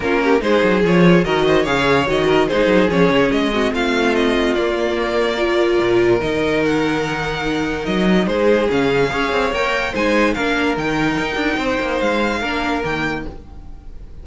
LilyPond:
<<
  \new Staff \with { instrumentName = "violin" } { \time 4/4 \tempo 4 = 145 ais'4 c''4 cis''4 dis''4 | f''4 dis''4 c''4 cis''4 | dis''4 f''4 dis''4 d''4~ | d''2. dis''4 |
fis''2. dis''4 | c''4 f''2 g''4 | gis''4 f''4 g''2~ | g''4 f''2 g''4 | }
  \new Staff \with { instrumentName = "violin" } { \time 4/4 f'8 g'8 gis'2 ais'8 c''8 | cis''4. ais'8 gis'2~ | gis'8 fis'8 f'2.~ | f'4 ais'2.~ |
ais'1 | gis'2 cis''2 | c''4 ais'2. | c''2 ais'2 | }
  \new Staff \with { instrumentName = "viola" } { \time 4/4 cis'4 dis'4 f'4 fis'4 | gis'4 fis'4 dis'4 cis'4~ | cis'8 c'2~ c'8 ais4~ | ais4 f'2 dis'4~ |
dis'1~ | dis'4 cis'4 gis'4 ais'4 | dis'4 d'4 dis'2~ | dis'2 d'4 ais4 | }
  \new Staff \with { instrumentName = "cello" } { \time 4/4 ais4 gis8 fis8 f4 dis4 | cis4 dis4 gis8 fis8 f8 cis8 | gis4 a2 ais4~ | ais2 ais,4 dis4~ |
dis2. fis4 | gis4 cis4 cis'8 c'8 ais4 | gis4 ais4 dis4 dis'8 d'8 | c'8 ais8 gis4 ais4 dis4 | }
>>